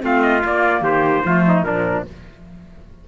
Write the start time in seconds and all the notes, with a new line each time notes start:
0.00 A3 C4 F4 F5
0.22 D#5
0.44 A#3 D5
0.81 D#3 G4 C5
1.25 F3 A3 F4
1.48 D#4
1.63 A#2 F3 D4 A#4